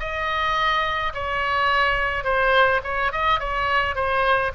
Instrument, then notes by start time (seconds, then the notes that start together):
oboe
0.00 D#5
1.14 C#5
2.24 C5
2.84 C#5
3.12 D#5
3.40 C#5
3.95 C5